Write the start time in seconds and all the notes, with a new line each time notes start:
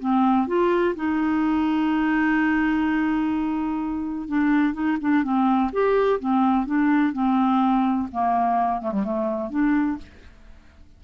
0.00 C4
0.48 F4
0.96 D#4
4.29 D4
4.74 D#4
5.01 D4
5.24 C4
5.73 G4
6.20 C4
6.66 D4
7.13 C4
8.12 A#3
8.82 A3
8.92 G3
9.04 A3
9.51 D4